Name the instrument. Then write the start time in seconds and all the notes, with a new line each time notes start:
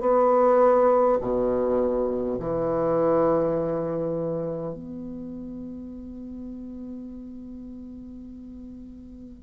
bassoon
0.00 B3
1.21 B2
2.40 E3
4.73 B3